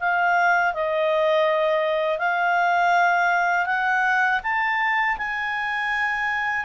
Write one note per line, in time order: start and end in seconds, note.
0.00 0.74 F5
0.74 2.18 D#5
2.18 3.66 F5
3.66 4.40 F#5
4.43 5.18 A5
5.18 6.65 G#5